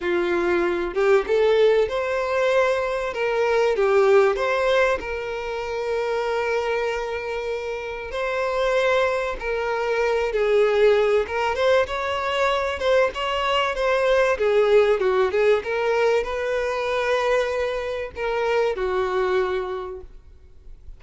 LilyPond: \new Staff \with { instrumentName = "violin" } { \time 4/4 \tempo 4 = 96 f'4. g'8 a'4 c''4~ | c''4 ais'4 g'4 c''4 | ais'1~ | ais'4 c''2 ais'4~ |
ais'8 gis'4. ais'8 c''8 cis''4~ | cis''8 c''8 cis''4 c''4 gis'4 | fis'8 gis'8 ais'4 b'2~ | b'4 ais'4 fis'2 | }